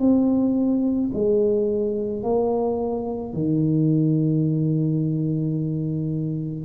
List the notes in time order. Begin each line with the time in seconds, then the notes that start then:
0.00 C4
1.14 G#3
2.24 A#3
3.34 D#3